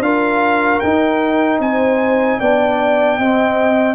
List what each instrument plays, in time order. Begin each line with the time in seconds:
0.00 tuba D4, trombone F4, horn A#4, trumpet F5
0.80 tuba D#4, trombone D#4, trumpet G5
1.59 tuba C4, horn C5, trumpet G#5
2.39 tuba B3, trombone D4, horn D5, trumpet G5
3.18 tuba C4, trombone C4, horn D#5